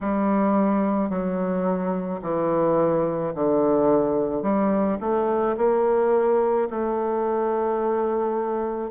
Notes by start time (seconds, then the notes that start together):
0.01 G3
1.09 F#3
2.22 E3
3.34 D3
4.42 G3
5.00 A3
5.57 A#3
6.69 A3